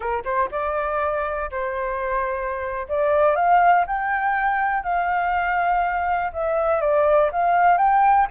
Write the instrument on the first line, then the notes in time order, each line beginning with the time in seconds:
flute
0.00 A#4
0.24 C5
0.51 D5
1.51 C5
2.88 D5
3.35 F5
3.87 G5
4.83 F5
6.32 E5
6.80 D5
7.32 F5
7.77 G5